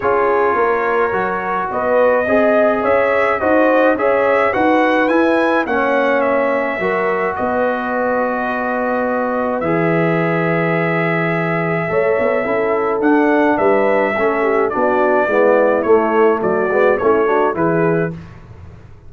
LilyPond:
<<
  \new Staff \with { instrumentName = "trumpet" } { \time 4/4 \tempo 4 = 106 cis''2. dis''4~ | dis''4 e''4 dis''4 e''4 | fis''4 gis''4 fis''4 e''4~ | e''4 dis''2.~ |
dis''4 e''2.~ | e''2. fis''4 | e''2 d''2 | cis''4 d''4 cis''4 b'4 | }
  \new Staff \with { instrumentName = "horn" } { \time 4/4 gis'4 ais'2 b'4 | dis''4 cis''4 c''4 cis''4 | b'2 cis''2 | ais'4 b'2.~ |
b'1~ | b'4 cis''4 a'2 | b'4 a'8 g'8 fis'4 e'4~ | e'4 fis'4 e'8 fis'8 gis'4 | }
  \new Staff \with { instrumentName = "trombone" } { \time 4/4 f'2 fis'2 | gis'2 fis'4 gis'4 | fis'4 e'4 cis'2 | fis'1~ |
fis'4 gis'2.~ | gis'4 a'4 e'4 d'4~ | d'4 cis'4 d'4 b4 | a4. b8 cis'8 d'8 e'4 | }
  \new Staff \with { instrumentName = "tuba" } { \time 4/4 cis'4 ais4 fis4 b4 | c'4 cis'4 dis'4 cis'4 | dis'4 e'4 ais2 | fis4 b2.~ |
b4 e2.~ | e4 a8 b8 cis'4 d'4 | g4 a4 b4 gis4 | a4 fis8 gis8 a4 e4 | }
>>